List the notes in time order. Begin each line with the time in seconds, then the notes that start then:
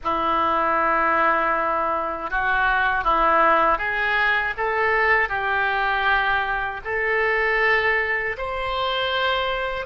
0.03 E4
2.30 F#4
3.03 E4
3.78 G#4
4.57 A4
5.29 G4
6.84 A4
8.37 C5